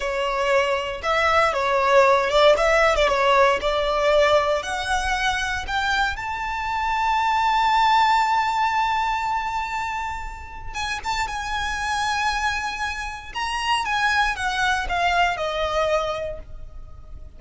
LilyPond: \new Staff \with { instrumentName = "violin" } { \time 4/4 \tempo 4 = 117 cis''2 e''4 cis''4~ | cis''8 d''8 e''8. d''16 cis''4 d''4~ | d''4 fis''2 g''4 | a''1~ |
a''1~ | a''4 gis''8 a''8 gis''2~ | gis''2 ais''4 gis''4 | fis''4 f''4 dis''2 | }